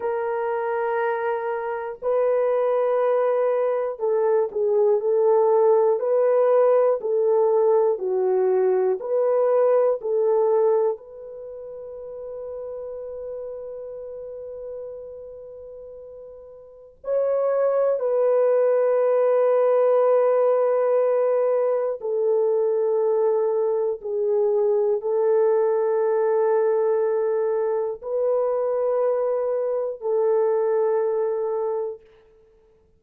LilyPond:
\new Staff \with { instrumentName = "horn" } { \time 4/4 \tempo 4 = 60 ais'2 b'2 | a'8 gis'8 a'4 b'4 a'4 | fis'4 b'4 a'4 b'4~ | b'1~ |
b'4 cis''4 b'2~ | b'2 a'2 | gis'4 a'2. | b'2 a'2 | }